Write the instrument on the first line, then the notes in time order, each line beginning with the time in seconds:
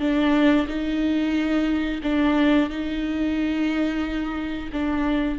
viola
0.00 D4
0.68 D#4
2.03 D4
2.70 D#4
4.72 D4